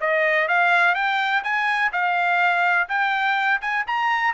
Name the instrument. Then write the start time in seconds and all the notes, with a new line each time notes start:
trumpet
0.00 D#5
0.48 F5
0.95 G5
1.43 G#5
1.92 F5
2.88 G5
3.61 G#5
3.86 A#5